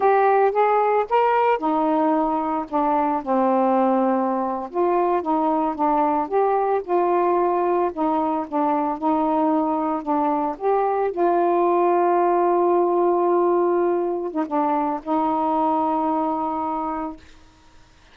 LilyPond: \new Staff \with { instrumentName = "saxophone" } { \time 4/4 \tempo 4 = 112 g'4 gis'4 ais'4 dis'4~ | dis'4 d'4 c'2~ | c'8. f'4 dis'4 d'4 g'16~ | g'8. f'2 dis'4 d'16~ |
d'8. dis'2 d'4 g'16~ | g'8. f'2.~ f'16~ | f'2~ f'8. dis'16 d'4 | dis'1 | }